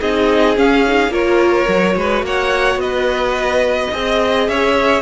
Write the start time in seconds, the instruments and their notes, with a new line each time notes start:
0.00 cello C4, viola D#4, violin G#4 D#5
0.56 viola C#4, cello C#4, violin F5
0.87 viola D#4
1.08 cello A#3, viola F4, violin A#4 C#5
1.67 cello F#3, viola F#4
1.96 cello G#3, violin B4
2.22 cello A#3, violin C#5 F#5
2.75 cello B3, violin B4 D#5
3.92 cello C4, viola G#4, violin D#5
4.48 cello C#4, violin C#5 E5